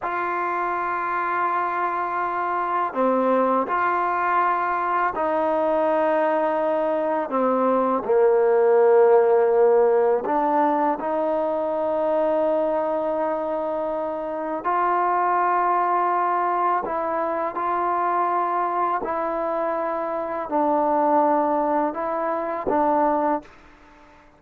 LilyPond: \new Staff \with { instrumentName = "trombone" } { \time 4/4 \tempo 4 = 82 f'1 | c'4 f'2 dis'4~ | dis'2 c'4 ais4~ | ais2 d'4 dis'4~ |
dis'1 | f'2. e'4 | f'2 e'2 | d'2 e'4 d'4 | }